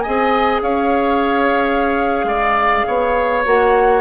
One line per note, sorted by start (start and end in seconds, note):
0.00 3.45 G#4
0.00 0.62 D#5
0.00 0.59 G#5
0.07 0.62 C4
0.62 2.24 C#4
0.62 2.26 C#5
0.62 3.45 F5
2.24 2.83 G#3
2.24 2.87 D5
2.87 3.46 B3
2.87 4.01 C#5
3.45 4.01 A#3
3.45 4.01 F#4
3.45 4.01 F#5